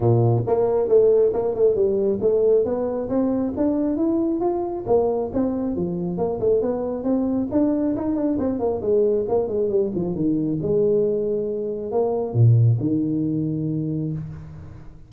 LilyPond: \new Staff \with { instrumentName = "tuba" } { \time 4/4 \tempo 4 = 136 ais,4 ais4 a4 ais8 a8 | g4 a4 b4 c'4 | d'4 e'4 f'4 ais4 | c'4 f4 ais8 a8 b4 |
c'4 d'4 dis'8 d'8 c'8 ais8 | gis4 ais8 gis8 g8 f8 dis4 | gis2. ais4 | ais,4 dis2. | }